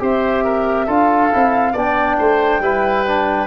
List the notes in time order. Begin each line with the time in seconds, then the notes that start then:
0.00 C4 G4 C5 E5
0.45 A#4
0.87 D4 F4 A4 F5
1.32 C4 E4
1.73 B3 D4 D5 G5
2.19 A3 C5
2.60 G3 E4 B4
3.06 D4